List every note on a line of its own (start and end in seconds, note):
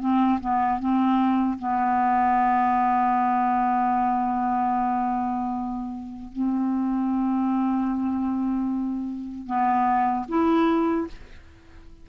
0.00 0.39 C4
0.41 0.79 B3
0.79 1.58 C4
1.59 6.32 B3
6.32 9.47 C4
9.47 10.26 B3
10.28 11.07 E4